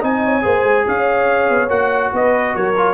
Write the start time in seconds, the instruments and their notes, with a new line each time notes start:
0.00 tuba C4, trombone D#4, horn D#5, trumpet G#5
0.24 horn C#5
0.42 tuba A#3, trombone G#4, horn C5
0.64 tuba G#3
0.87 tuba C#4, horn C#5, trumpet F5
1.49 tuba B3
1.68 tuba A#3, trombone F#4, trumpet F#5
2.12 tuba B3, horn B4, trumpet D#5
2.55 tuba F#3, horn A#4, trumpet C#5
2.77 trombone F4